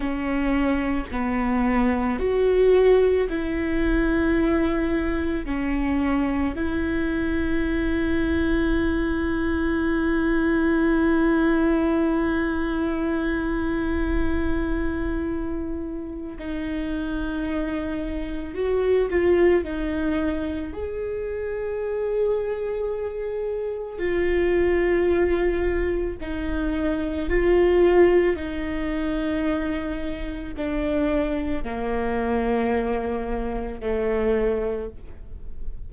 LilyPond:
\new Staff \with { instrumentName = "viola" } { \time 4/4 \tempo 4 = 55 cis'4 b4 fis'4 e'4~ | e'4 cis'4 e'2~ | e'1~ | e'2. dis'4~ |
dis'4 fis'8 f'8 dis'4 gis'4~ | gis'2 f'2 | dis'4 f'4 dis'2 | d'4 ais2 a4 | }